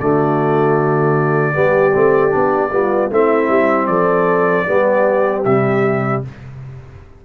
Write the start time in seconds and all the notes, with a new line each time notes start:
0.00 D3 A3 F#4 D5
1.54 G3 B3 G4
1.94 A3 C4
2.30 B3 D4
2.71 G3 B3 F4
3.11 A3 C4 E4 E5
3.49 G3
3.87 F3 A4 D5
4.67 G3 B3 G4
5.45 C3 G3 E5